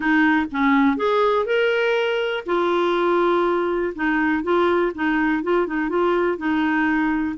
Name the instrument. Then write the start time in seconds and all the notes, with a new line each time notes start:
clarinet
0.00 D#4
0.51 C#4
0.97 G#4
1.45 A#4
2.46 F4
3.95 D#4
4.43 F4
4.94 D#4
5.43 F4
5.67 D#4
5.89 F4
6.37 D#4